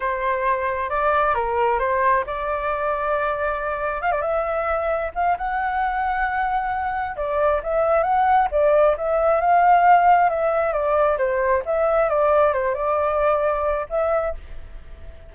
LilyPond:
\new Staff \with { instrumentName = "flute" } { \time 4/4 \tempo 4 = 134 c''2 d''4 ais'4 | c''4 d''2.~ | d''4 f''16 d''16 e''2 f''8 | fis''1 |
d''4 e''4 fis''4 d''4 | e''4 f''2 e''4 | d''4 c''4 e''4 d''4 | c''8 d''2~ d''8 e''4 | }